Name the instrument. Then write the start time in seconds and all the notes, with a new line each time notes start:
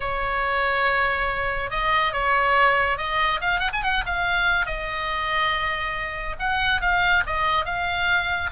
oboe
0.00 C#5
1.70 D#5
2.12 C#5
2.97 D#5
3.40 F5
3.59 F#5
3.73 G#5
3.82 F#5
4.05 F5
4.65 D#5
6.39 F#5
6.81 F5
7.26 D#5
7.65 F5